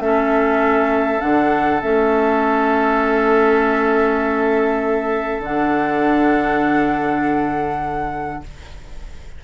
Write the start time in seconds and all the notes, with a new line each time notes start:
0.00 A3 C#4 A4 E5
1.20 D3 D4 F#5
1.82 A3 C#4 E5
5.40 D3 D4 F#5